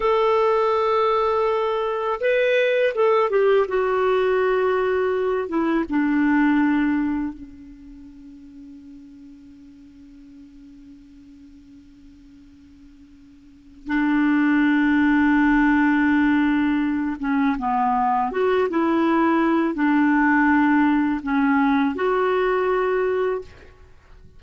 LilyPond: \new Staff \with { instrumentName = "clarinet" } { \time 4/4 \tempo 4 = 82 a'2. b'4 | a'8 g'8 fis'2~ fis'8 e'8 | d'2 cis'2~ | cis'1~ |
cis'2. d'4~ | d'2.~ d'8 cis'8 | b4 fis'8 e'4. d'4~ | d'4 cis'4 fis'2 | }